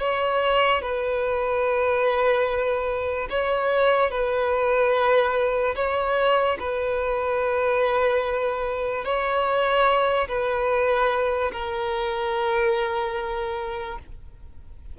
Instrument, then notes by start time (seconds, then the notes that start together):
violin
0.00 C#5
0.82 B4
3.30 C#5
4.11 B4
5.76 C#5
6.60 B4
9.05 C#5
10.29 B4
11.53 A#4